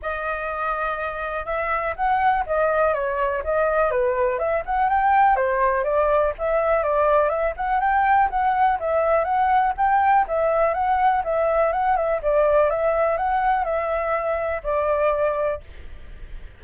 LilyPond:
\new Staff \with { instrumentName = "flute" } { \time 4/4 \tempo 4 = 123 dis''2. e''4 | fis''4 dis''4 cis''4 dis''4 | b'4 e''8 fis''8 g''4 c''4 | d''4 e''4 d''4 e''8 fis''8 |
g''4 fis''4 e''4 fis''4 | g''4 e''4 fis''4 e''4 | fis''8 e''8 d''4 e''4 fis''4 | e''2 d''2 | }